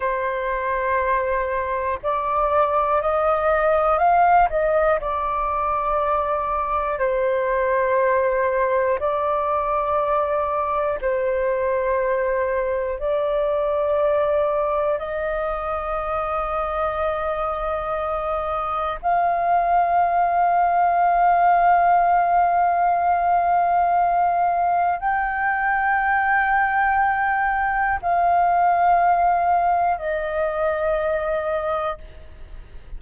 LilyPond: \new Staff \with { instrumentName = "flute" } { \time 4/4 \tempo 4 = 60 c''2 d''4 dis''4 | f''8 dis''8 d''2 c''4~ | c''4 d''2 c''4~ | c''4 d''2 dis''4~ |
dis''2. f''4~ | f''1~ | f''4 g''2. | f''2 dis''2 | }